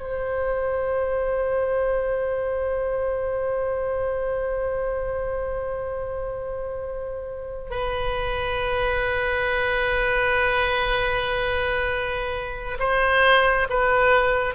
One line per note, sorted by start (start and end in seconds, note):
0.00 7.70 C5
7.70 12.77 B4
12.79 13.67 C5
13.69 14.54 B4